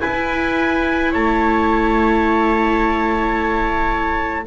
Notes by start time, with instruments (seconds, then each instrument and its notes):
0.00 viola E4, double bass E4, trumpet B4 G#5
1.11 double bass A3, trumpet C#5 A5